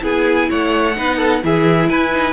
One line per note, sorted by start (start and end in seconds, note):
0.00 0.50 B3
0.00 0.93 E4
0.00 0.49 G#4
0.00 0.51 G#5
0.50 0.98 A3
0.50 0.97 C#5
0.50 1.44 F#5
0.96 1.44 B3
0.96 1.42 D#4
0.96 1.17 B4
1.17 1.40 A4
1.42 1.89 E3
1.42 2.12 E4
1.42 1.90 G#4
1.42 1.90 E5
1.89 2.34 E4
1.89 2.34 B4
1.89 2.34 G#5
2.12 2.34 D#4